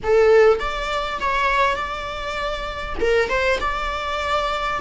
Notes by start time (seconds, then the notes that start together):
0.03 A4
0.59 D5
1.20 C#5
1.75 D5
3.00 A#4
3.29 C5
3.60 D5